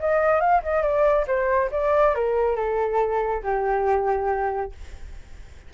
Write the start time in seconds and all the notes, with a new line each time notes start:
0.00 D#5
0.41 F5
0.63 D#5
0.83 D5
1.28 C5
1.72 D5
2.15 A#4
2.56 A4
3.43 G4